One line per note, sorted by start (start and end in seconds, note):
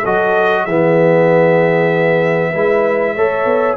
0.00 0.67 F#3
0.00 0.68 F#4
0.00 0.62 A4
0.00 0.65 D#5
0.64 2.54 E3
0.64 2.55 B3
0.64 2.51 G#4
0.64 3.77 E5
2.51 3.16 G#3
2.51 3.17 E4
2.51 3.14 B4
3.15 3.45 A3
3.15 3.77 A4
3.15 3.77 C#5
3.45 3.76 B3